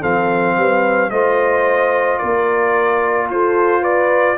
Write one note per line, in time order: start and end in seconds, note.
0.00 0.56 F3
0.00 1.10 C4
0.00 0.55 A4
0.00 1.10 F5
0.56 1.10 G3
0.56 1.11 B4
1.10 2.19 A3
1.10 4.37 F4
1.10 2.20 C5
1.10 2.18 D#5
2.18 3.29 A#3
2.18 3.29 A#4
2.18 3.27 D5
3.29 4.37 F4
3.29 3.82 A4
3.29 3.84 C5
3.82 4.36 B4
3.82 4.37 D5